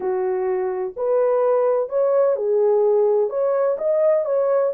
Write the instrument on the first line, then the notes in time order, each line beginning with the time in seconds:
horn
0.00 F#4
0.96 B4
1.89 C#5
2.36 G#4
3.29 C#5
3.78 D#5
4.25 C#5